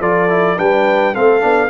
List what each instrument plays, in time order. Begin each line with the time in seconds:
0.00 tuba F3, trombone F4, horn A4, trumpet D5
0.29 trombone E4
0.57 tuba G3, trombone D4, horn B4, trumpet G5
1.14 tuba A3, trombone C4, horn A4, trumpet F5
1.41 tuba B3, trombone D4